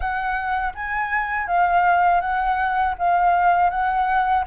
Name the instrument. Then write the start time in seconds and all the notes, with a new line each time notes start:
flute
0.00 F#5
0.74 G#5
1.47 F5
2.20 F#5
2.98 F5
3.70 F#5